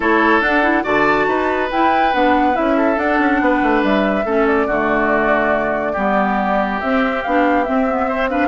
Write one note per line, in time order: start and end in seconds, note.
0.00 0.40 A3
0.00 0.41 E4
0.00 0.83 A4
0.00 0.41 C#5
0.40 0.83 D4
0.40 0.63 D4
0.40 0.83 F#5
0.63 0.83 E4
0.83 1.27 D3
0.83 1.68 F#4
0.83 1.26 D5
0.83 1.70 A5
1.27 1.69 D#4
1.27 2.76 B4
1.71 2.14 E4
1.71 2.13 E4
1.71 2.13 G5
2.13 2.56 B3
2.13 2.53 D4
2.13 2.56 F#5
2.53 2.97 C#4
2.53 2.96 E4
2.53 2.98 E5
2.76 3.40 A4
2.96 4.24 D4
2.96 3.18 D4
2.96 3.83 F#5
3.19 3.40 C#4
3.40 3.61 B3
3.40 4.25 B4
3.62 3.83 A3
3.83 4.24 G3
3.83 4.46 E5
4.24 4.67 A3
4.24 4.69 C#4
4.24 4.66 A4
4.46 6.80 D5
4.66 5.94 D3
4.66 5.96 A3
4.66 5.92 F#4
5.92 6.82 G3
5.92 6.81 B3
5.92 8.05 G4
6.80 7.25 C4
6.80 7.22 E5
7.22 7.68 B3
7.22 7.65 D4
7.22 7.64 F5
7.64 7.87 C4
7.64 8.47 C4
7.64 8.27 E5
7.88 8.09 B3
8.08 8.29 C4
8.08 8.29 C5
8.29 8.47 D4
8.29 8.47 B4
8.29 8.47 F5